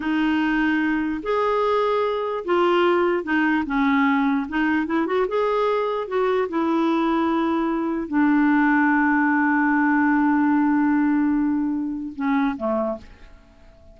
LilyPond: \new Staff \with { instrumentName = "clarinet" } { \time 4/4 \tempo 4 = 148 dis'2. gis'4~ | gis'2 f'2 | dis'4 cis'2 dis'4 | e'8 fis'8 gis'2 fis'4 |
e'1 | d'1~ | d'1~ | d'2 cis'4 a4 | }